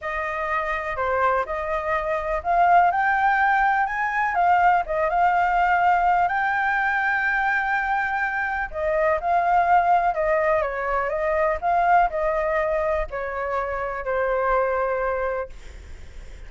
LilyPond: \new Staff \with { instrumentName = "flute" } { \time 4/4 \tempo 4 = 124 dis''2 c''4 dis''4~ | dis''4 f''4 g''2 | gis''4 f''4 dis''8 f''4.~ | f''4 g''2.~ |
g''2 dis''4 f''4~ | f''4 dis''4 cis''4 dis''4 | f''4 dis''2 cis''4~ | cis''4 c''2. | }